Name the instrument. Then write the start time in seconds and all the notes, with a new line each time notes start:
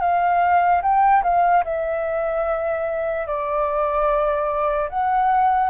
flute
0.00 F5
0.82 G5
1.23 F5
1.64 E5
3.26 D5
4.89 F#5